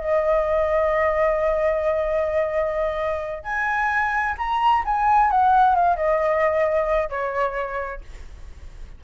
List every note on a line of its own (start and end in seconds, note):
0.00 3.44 D#5
3.44 4.35 G#5
4.38 4.83 A#5
4.85 5.30 G#5
5.30 5.75 F#5
5.75 5.96 F5
5.96 7.09 D#5
7.09 8.01 C#5